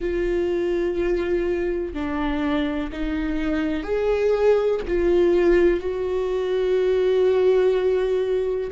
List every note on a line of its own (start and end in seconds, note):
0.00 1.93 F4
1.93 2.90 D4
2.92 3.83 D#4
3.83 4.79 G#4
4.87 5.80 F4
5.80 8.71 F#4